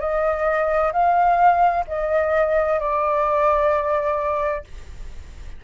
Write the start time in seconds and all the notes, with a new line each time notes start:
0.00 D#5
0.92 F5
1.88 D#5
2.80 D5